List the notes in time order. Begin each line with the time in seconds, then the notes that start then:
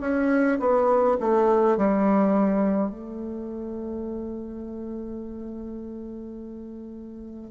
0.00 C#4
0.59 B3
1.20 A3
1.77 G3
2.90 A3